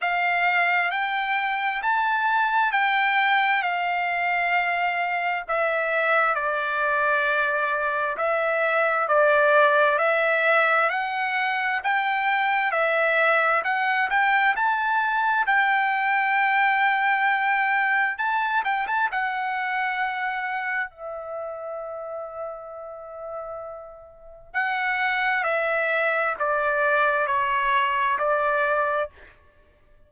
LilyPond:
\new Staff \with { instrumentName = "trumpet" } { \time 4/4 \tempo 4 = 66 f''4 g''4 a''4 g''4 | f''2 e''4 d''4~ | d''4 e''4 d''4 e''4 | fis''4 g''4 e''4 fis''8 g''8 |
a''4 g''2. | a''8 g''16 a''16 fis''2 e''4~ | e''2. fis''4 | e''4 d''4 cis''4 d''4 | }